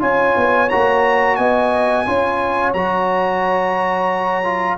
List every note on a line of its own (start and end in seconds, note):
0.00 0.35 C#4
0.00 0.68 F4
0.00 1.38 C#5
0.00 0.70 G#5
0.37 0.71 B3
0.70 1.38 A#3
0.70 2.07 F#4
0.70 1.36 A#5
1.36 2.07 B3
1.36 2.07 D#5
1.36 2.72 G#5
2.07 2.74 C#4
2.07 2.75 F4
2.07 4.79 C#5
2.74 4.79 F#3
2.74 4.45 F#4
2.74 4.78 A#5
4.45 4.79 F4